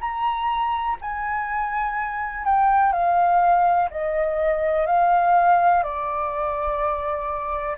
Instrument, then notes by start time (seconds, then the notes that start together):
flute
0.00 A#5
1.01 G#5
2.45 G5
2.92 F5
3.90 D#5
4.86 F5
5.83 D5